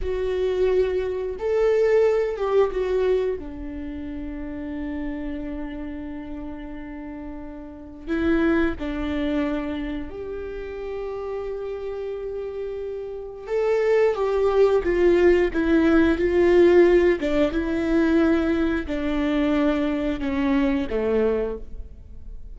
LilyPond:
\new Staff \with { instrumentName = "viola" } { \time 4/4 \tempo 4 = 89 fis'2 a'4. g'8 | fis'4 d'2.~ | d'1 | e'4 d'2 g'4~ |
g'1 | a'4 g'4 f'4 e'4 | f'4. d'8 e'2 | d'2 cis'4 a4 | }